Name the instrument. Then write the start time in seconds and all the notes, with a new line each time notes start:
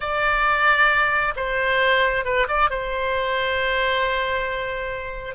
oboe
0.00 D5
1.36 C5
2.24 B4
2.48 D5
2.70 C5